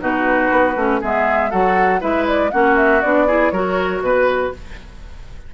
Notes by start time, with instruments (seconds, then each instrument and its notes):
0.00 bassoon B2, clarinet D#4, oboe F#4, flute B4
0.52 bassoon B3
0.76 bassoon A3, clarinet C#4
1.01 bassoon G#3, clarinet B3, oboe G#4, flute E5
1.51 bassoon F#3, clarinet F#4, oboe A4, flute F#5
2.00 bassoon G#3, clarinet E4, oboe B4, flute E5
2.27 flute D5
2.51 bassoon A#3, clarinet C#4, oboe F#4, flute F#5
2.77 flute E5
3.02 bassoon B3, clarinet D4, flute D5
3.27 clarinet E4, oboe G#4
3.51 bassoon F#3, clarinet F#4, oboe A#4, flute C#5
4.01 bassoon B2, flute B4, oboe B4